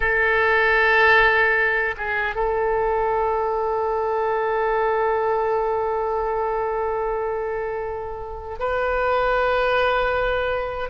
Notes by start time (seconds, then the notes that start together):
0.00 A4
1.97 G#4
2.35 A4
8.59 B4